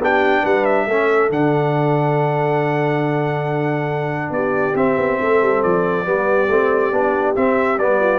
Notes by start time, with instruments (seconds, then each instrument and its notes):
0.00 tuba B3, trombone D4, horn G4, trumpet G5
0.43 tuba G3, horn B4, trumpet F#5
0.65 trumpet E5
0.87 tuba A3, trombone C#4, horn A4
1.30 tuba D3, trombone D4, trumpet F#5
4.30 tuba B3, horn G4, trumpet D5
4.75 tuba C4, trombone C4, trumpet E5
4.97 tuba B3
5.21 tuba A3, horn A4
5.42 tuba G3
5.63 tuba F3, trumpet D5
6.05 tuba G3, trombone B3, horn G4
6.48 tuba A3, trombone C4
6.92 tuba B3, trombone D4
7.36 trombone C4, tuba C4, trumpet E5
7.78 tuba G3, trombone B3, trumpet D5
8.00 horn F4